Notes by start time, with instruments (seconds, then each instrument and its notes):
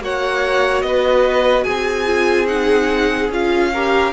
0.00 cello A#3, viola F#4, violin C#5 F#5
0.82 cello B3, violin B4 D#5
1.64 cello C4, violin G#4 G#5
2.06 viola F4
2.47 viola D#4, violin F#5
3.29 cello C#4, viola F4, violin F5
3.73 viola G4, violin A#4